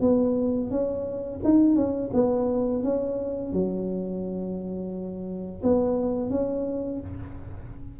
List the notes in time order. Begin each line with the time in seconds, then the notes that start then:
0.00 B3
0.70 C#4
1.44 D#4
1.75 C#4
2.13 B3
2.83 C#4
3.52 F#3
5.62 B3
6.30 C#4